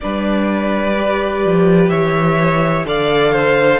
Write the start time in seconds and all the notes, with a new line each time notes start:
0.00 G3 D4 B4 D5
0.96 G4
1.45 F3
1.89 E3 C#5 E5
2.85 D3 A4 D5 F5
3.32 C5